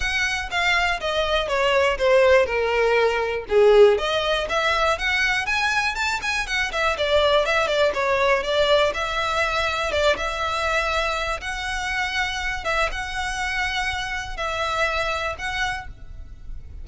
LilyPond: \new Staff \with { instrumentName = "violin" } { \time 4/4 \tempo 4 = 121 fis''4 f''4 dis''4 cis''4 | c''4 ais'2 gis'4 | dis''4 e''4 fis''4 gis''4 | a''8 gis''8 fis''8 e''8 d''4 e''8 d''8 |
cis''4 d''4 e''2 | d''8 e''2~ e''8 fis''4~ | fis''4. e''8 fis''2~ | fis''4 e''2 fis''4 | }